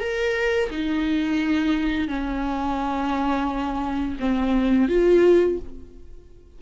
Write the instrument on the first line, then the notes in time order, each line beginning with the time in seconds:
viola
0.00 A#4
0.70 D#4
2.08 C#4
4.20 C4
4.89 F4